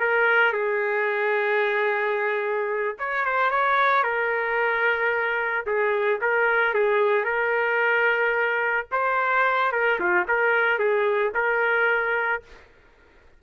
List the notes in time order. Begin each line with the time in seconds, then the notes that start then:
0.00 A#4
0.53 G#4
2.99 C#5
3.26 C5
3.51 C#5
4.04 A#4
5.67 G#4
6.22 A#4
6.74 G#4
7.25 A#4
8.92 C5
9.72 A#4
10.00 F4
10.28 A#4
10.79 G#4
11.35 A#4